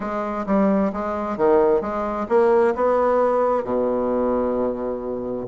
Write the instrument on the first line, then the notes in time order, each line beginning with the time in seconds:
bassoon
0.00 G#3
0.46 G3
0.93 G#3
1.37 D#3
1.81 G#3
2.28 A#3
2.75 B3
3.64 B2